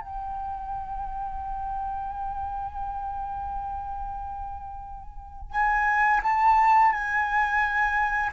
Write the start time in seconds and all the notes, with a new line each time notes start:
0.00 G5
5.51 G#5
6.23 A5
6.92 G#5